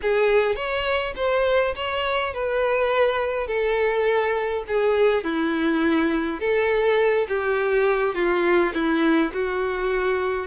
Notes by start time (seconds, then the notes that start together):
0.02 G#4
0.55 C#5
1.16 C5
1.75 C#5
2.33 B4
3.47 A4
4.67 G#4
5.23 E4
6.39 A4
7.28 G4
8.14 F4
8.74 E4
9.33 F#4